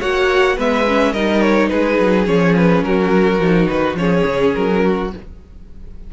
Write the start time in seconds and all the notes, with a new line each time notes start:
0.00 A#3 F#4 C#5 F#5
0.57 G#3 B3 B4 E5
0.87 C#4
1.13 G3 D#4 A#4 D#5
1.42 C#5
1.69 G#3 G#4 B4
1.99 F#3
2.26 F3 C#4 C#5
2.57 B4
2.83 F#3 F#4 A#4
3.39 F3 D#4
3.68 D#3 B4
3.95 F3 C#4 G#4 C#5
4.26 C#3
4.54 F#3 A#4
4.84 F#4